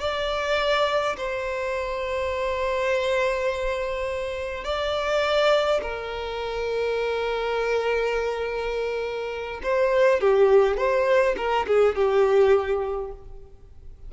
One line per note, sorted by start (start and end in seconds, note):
0.00 1.17 D5
1.17 4.64 C5
4.64 5.81 D5
5.83 9.61 A#4
9.63 10.21 C5
10.21 10.77 G4
10.77 11.35 C5
11.37 11.66 A#4
11.67 11.95 G#4
11.95 13.12 G4